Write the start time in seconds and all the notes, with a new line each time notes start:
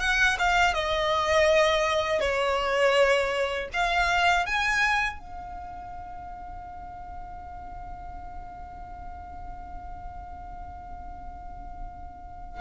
0.00 F#5
0.38 F5
0.74 D#5
2.20 C#5
3.73 F5
4.46 G#5
5.19 F5